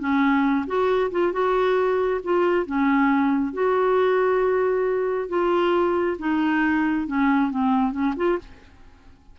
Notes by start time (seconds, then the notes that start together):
0.00 C#4
0.67 F#4
1.12 F4
1.33 F#4
2.24 F4
2.67 C#4
3.54 F#4
5.29 F4
6.19 D#4
7.08 C#4
7.51 C4
7.93 C#4
8.17 F4